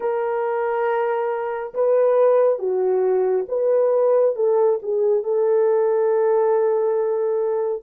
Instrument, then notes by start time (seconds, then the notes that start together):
horn
0.00 A#4
1.74 B4
2.58 F#4
3.48 B4
4.35 A4
4.82 G#4
5.23 A4